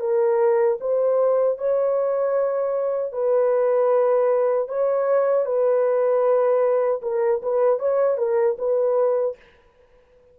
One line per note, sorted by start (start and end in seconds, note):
0.00 0.78 A#4
0.80 1.58 C5
1.58 3.12 C#5
3.12 4.68 B4
4.68 5.45 C#5
5.45 7.01 B4
7.02 7.41 A#4
7.42 7.79 B4
7.79 8.17 C#5
8.17 8.56 A#4
8.58 9.36 B4